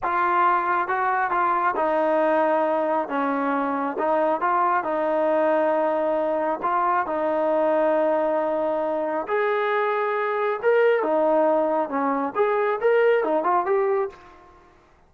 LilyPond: \new Staff \with { instrumentName = "trombone" } { \time 4/4 \tempo 4 = 136 f'2 fis'4 f'4 | dis'2. cis'4~ | cis'4 dis'4 f'4 dis'4~ | dis'2. f'4 |
dis'1~ | dis'4 gis'2. | ais'4 dis'2 cis'4 | gis'4 ais'4 dis'8 f'8 g'4 | }